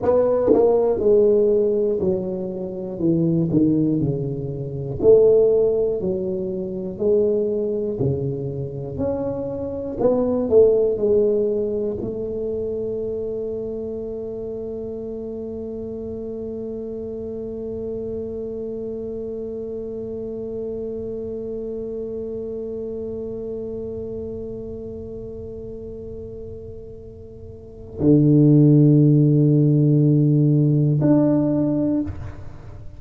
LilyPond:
\new Staff \with { instrumentName = "tuba" } { \time 4/4 \tempo 4 = 60 b8 ais8 gis4 fis4 e8 dis8 | cis4 a4 fis4 gis4 | cis4 cis'4 b8 a8 gis4 | a1~ |
a1~ | a1~ | a1 | d2. d'4 | }